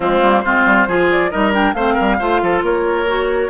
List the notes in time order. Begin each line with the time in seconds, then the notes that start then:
0.00 F3 G#3 C4 F4
0.21 G3 A#3
0.40 G#3 C4 F4 C5
0.65 G3
0.87 F3 F4 G#4
1.11 D5
1.30 G3 D#4 A#4 D#5
1.52 D4 G5
1.73 A3 C4 C5 F5
1.94 A#4
2.00 G3
2.19 A3 F4 C5
2.42 F3 A4
2.62 A#3 A#4 C#5
3.07 F#4